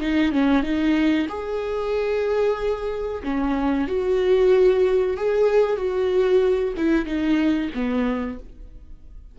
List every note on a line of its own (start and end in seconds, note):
0.00 0.32 D#4
0.32 0.63 C#4
0.63 1.27 D#4
1.29 3.23 G#4
3.23 3.88 C#4
3.88 5.17 F#4
5.17 5.77 G#4
5.77 6.74 F#4
6.77 7.06 E4
7.06 7.70 D#4
7.74 8.39 B3